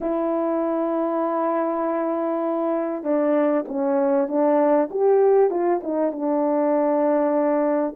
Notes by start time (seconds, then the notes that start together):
0.01 E4
3.03 D4
3.68 C#4
4.27 D4
4.90 G4
5.50 F4
5.83 D#4
6.12 D4